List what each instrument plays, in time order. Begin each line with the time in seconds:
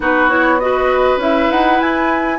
0.00 bassoon B3, clarinet D#4, oboe F#4, flute B4
0.28 clarinet E4, flute C#5
0.59 clarinet F#4, oboe B4, flute D#5
1.17 bassoon C#4, clarinet E4, flute E5
1.51 bassoon D#4, flute F#5
1.80 bassoon E4, flute G#5